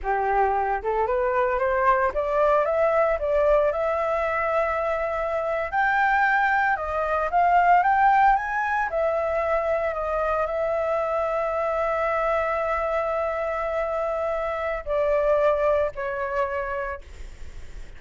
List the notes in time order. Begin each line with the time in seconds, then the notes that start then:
0.02 G4
0.82 A4
1.06 B4
1.59 C5
2.14 D5
2.65 E5
3.19 D5
3.72 E5
5.71 G5
6.76 D#5
7.31 F5
7.83 G5
8.36 G#5
8.89 E5
9.94 D#5
10.46 E5
14.85 D5
15.95 C#5